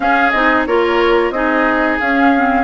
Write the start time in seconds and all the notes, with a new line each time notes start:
0.00 C#4 G#4 F5
0.31 C4 D#4 D#5
0.66 A#3 F4 A#4 C#5
1.30 C4 D#4 G#4 D#5
2.00 C#4 F5
2.36 C4